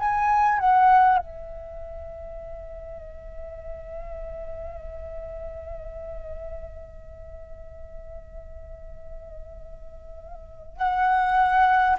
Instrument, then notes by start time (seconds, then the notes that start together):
flute
0.00 G#5
0.59 F#5
1.18 E5
10.78 F#5